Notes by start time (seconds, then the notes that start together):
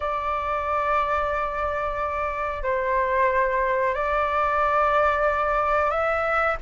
0.00 D5
2.62 C5
3.94 D5
5.90 E5